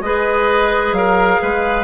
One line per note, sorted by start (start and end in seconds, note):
0.00 0.92 G#3
0.00 1.84 G#4
0.00 0.96 B4
0.00 0.93 D#5
0.92 1.38 F#3
0.92 1.41 A#4
0.92 1.84 F5
1.41 1.84 G#3
1.41 1.84 B4